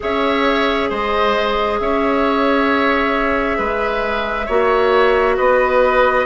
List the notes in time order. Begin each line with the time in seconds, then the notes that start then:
0.00 C#4 G#4 C#5 E5
0.89 G#3 C5 D#5
1.79 C#4 C#5 E5
3.57 G#3 B4
4.46 A#3 F#4 C#5
5.37 B3 B4 D#5